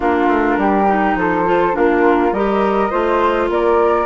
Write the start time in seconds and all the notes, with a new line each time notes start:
0.00 A#3 D4 F4 A#4
0.28 A3
0.57 G3 G4
0.87 D#4
1.15 F3 A4 C5
1.45 F4
1.72 A#3 D4 F4 A#4
2.32 G3 G4 A#4 D#5
2.89 A3 F4 C5
3.49 A#3 A#4 D5